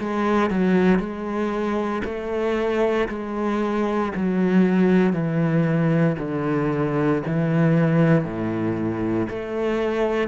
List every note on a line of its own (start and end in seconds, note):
0.00 0.50 G#3
0.50 0.99 F#3
0.99 2.03 G#3
2.05 3.08 A3
3.09 4.12 G#3
4.15 5.13 F#3
5.13 6.16 E3
6.19 7.22 D3
7.26 8.25 E3
8.25 9.28 A2
9.30 10.28 A3